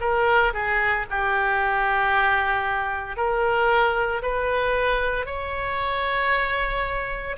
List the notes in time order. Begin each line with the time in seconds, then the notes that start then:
0.00 A#4
0.53 G#4
1.10 G4
3.16 A#4
4.22 B4
5.25 C#5